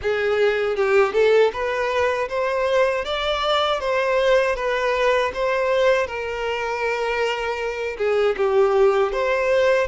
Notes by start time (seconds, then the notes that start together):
0.02 G#4
0.76 G4
1.13 A4
1.52 B4
2.28 C5
3.04 D5
3.79 C5
4.55 B4
5.34 C5
6.06 A#4
7.97 G#4
8.36 G4
9.12 C5